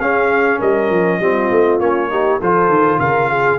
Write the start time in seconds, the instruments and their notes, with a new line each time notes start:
0.00 tuba C#4, trombone C#4, horn G#4, trumpet F5
0.59 tuba G3, horn A#4, trumpet D#5
0.90 tuba F3
1.20 tuba G3, trombone C4, horn F4
1.51 tuba A3
1.79 tuba A#3, trombone C#4, trumpet C#5
2.10 trombone D#4, horn G4
2.41 tuba F3, trombone F4, horn A4, trumpet C5
2.68 tuba D#3
2.99 tuba C#3, horn A#4, trumpet F5
3.30 horn G#4